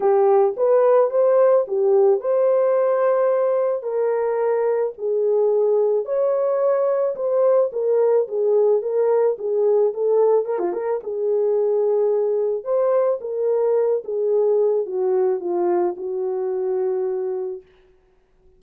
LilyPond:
\new Staff \with { instrumentName = "horn" } { \time 4/4 \tempo 4 = 109 g'4 b'4 c''4 g'4 | c''2. ais'4~ | ais'4 gis'2 cis''4~ | cis''4 c''4 ais'4 gis'4 |
ais'4 gis'4 a'4 ais'16 f'16 ais'8 | gis'2. c''4 | ais'4. gis'4. fis'4 | f'4 fis'2. | }